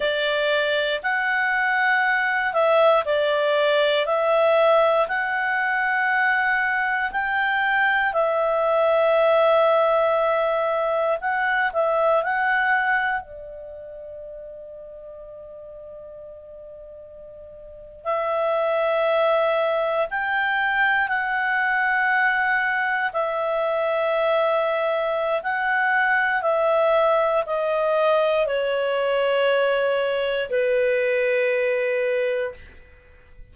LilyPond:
\new Staff \with { instrumentName = "clarinet" } { \time 4/4 \tempo 4 = 59 d''4 fis''4. e''8 d''4 | e''4 fis''2 g''4 | e''2. fis''8 e''8 | fis''4 d''2.~ |
d''4.~ d''16 e''2 g''16~ | g''8. fis''2 e''4~ e''16~ | e''4 fis''4 e''4 dis''4 | cis''2 b'2 | }